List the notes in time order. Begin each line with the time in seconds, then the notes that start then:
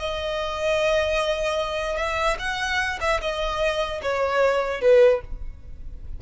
0.00 D#5
1.97 E5
2.39 F#5
3.01 E5
3.21 D#5
4.03 C#5
4.81 B4